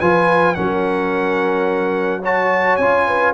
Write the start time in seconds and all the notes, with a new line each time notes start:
0.00 F3 F4 B4 G#5
0.55 F#3 C#4 A#4 F#5
2.22 F#4 C#5 A5
2.77 C#4 F4 G#5
3.07 B4